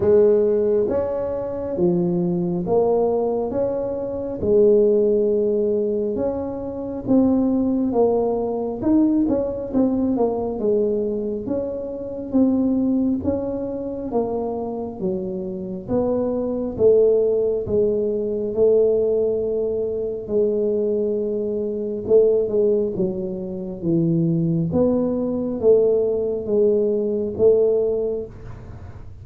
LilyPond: \new Staff \with { instrumentName = "tuba" } { \time 4/4 \tempo 4 = 68 gis4 cis'4 f4 ais4 | cis'4 gis2 cis'4 | c'4 ais4 dis'8 cis'8 c'8 ais8 | gis4 cis'4 c'4 cis'4 |
ais4 fis4 b4 a4 | gis4 a2 gis4~ | gis4 a8 gis8 fis4 e4 | b4 a4 gis4 a4 | }